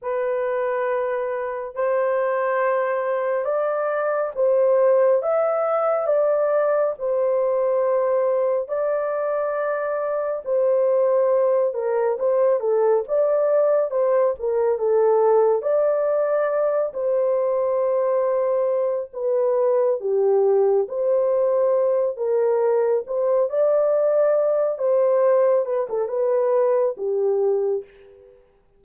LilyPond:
\new Staff \with { instrumentName = "horn" } { \time 4/4 \tempo 4 = 69 b'2 c''2 | d''4 c''4 e''4 d''4 | c''2 d''2 | c''4. ais'8 c''8 a'8 d''4 |
c''8 ais'8 a'4 d''4. c''8~ | c''2 b'4 g'4 | c''4. ais'4 c''8 d''4~ | d''8 c''4 b'16 a'16 b'4 g'4 | }